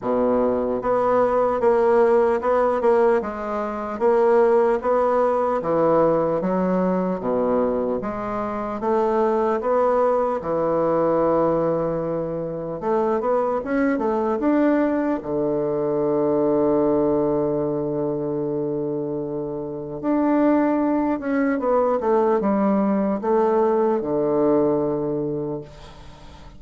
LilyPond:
\new Staff \with { instrumentName = "bassoon" } { \time 4/4 \tempo 4 = 75 b,4 b4 ais4 b8 ais8 | gis4 ais4 b4 e4 | fis4 b,4 gis4 a4 | b4 e2. |
a8 b8 cis'8 a8 d'4 d4~ | d1~ | d4 d'4. cis'8 b8 a8 | g4 a4 d2 | }